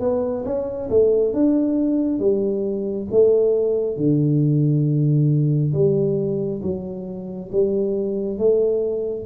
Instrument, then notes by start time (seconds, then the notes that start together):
tuba
0.00 B3
0.45 C#4
0.90 A3
1.33 D4
2.19 G3
3.11 A3
3.97 D3
5.74 G3
6.62 F#3
7.52 G3
8.39 A3